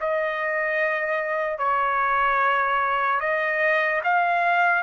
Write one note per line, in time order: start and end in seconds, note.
0.00 1.58 D#5
1.58 3.20 C#5
3.20 4.01 D#5
4.04 4.82 F5